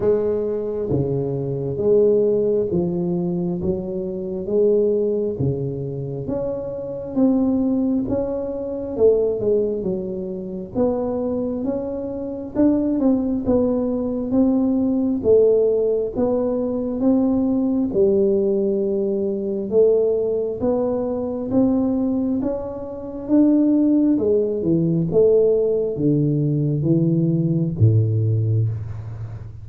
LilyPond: \new Staff \with { instrumentName = "tuba" } { \time 4/4 \tempo 4 = 67 gis4 cis4 gis4 f4 | fis4 gis4 cis4 cis'4 | c'4 cis'4 a8 gis8 fis4 | b4 cis'4 d'8 c'8 b4 |
c'4 a4 b4 c'4 | g2 a4 b4 | c'4 cis'4 d'4 gis8 e8 | a4 d4 e4 a,4 | }